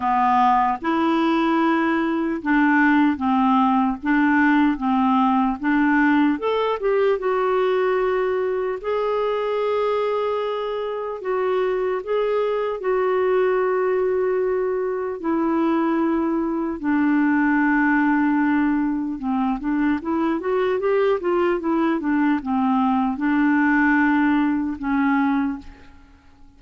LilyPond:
\new Staff \with { instrumentName = "clarinet" } { \time 4/4 \tempo 4 = 75 b4 e'2 d'4 | c'4 d'4 c'4 d'4 | a'8 g'8 fis'2 gis'4~ | gis'2 fis'4 gis'4 |
fis'2. e'4~ | e'4 d'2. | c'8 d'8 e'8 fis'8 g'8 f'8 e'8 d'8 | c'4 d'2 cis'4 | }